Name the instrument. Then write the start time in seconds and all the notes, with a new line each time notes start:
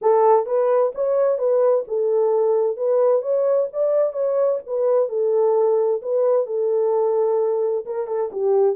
horn
0.01 A4
0.46 B4
0.94 C#5
1.38 B4
1.87 A4
2.77 B4
3.22 C#5
3.73 D5
4.12 C#5
4.66 B4
5.09 A4
6.01 B4
6.46 A4
7.85 A#4
8.07 A4
8.32 G4